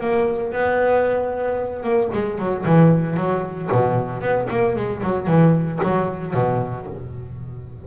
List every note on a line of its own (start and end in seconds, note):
0.00 0.52 A#3
0.52 1.83 B3
1.83 2.09 A#3
2.13 2.39 G#3
2.39 2.65 F#3
2.65 3.17 E3
3.17 3.69 F#3
3.72 4.21 B2
4.21 4.47 B3
4.50 4.76 A#3
4.76 5.02 G#3
5.03 5.27 F#3
5.27 5.79 E3
5.83 6.34 F#3
6.34 6.86 B2